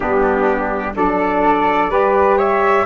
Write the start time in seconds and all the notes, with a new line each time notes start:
0.00 G3 B3 D4 G4
0.95 F#3 D4 A4 D5
1.89 G3 G4 B4
2.37 C#5 E5